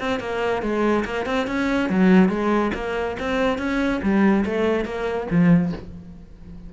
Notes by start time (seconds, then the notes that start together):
0.00 C4
0.20 A#3
0.62 G#3
1.05 A#3
1.26 C4
1.47 C#4
1.90 F#3
2.30 G#3
2.75 A#3
3.20 C4
3.59 C#4
4.03 G3
4.46 A3
4.85 A#3
5.31 F3